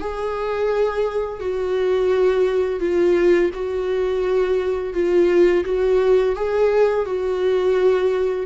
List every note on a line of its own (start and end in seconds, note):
0.00 1.40 G#4
1.40 2.80 F#4
2.80 3.51 F4
3.54 4.93 F#4
4.93 5.64 F4
5.65 6.35 F#4
6.36 7.06 G#4
7.06 8.46 F#4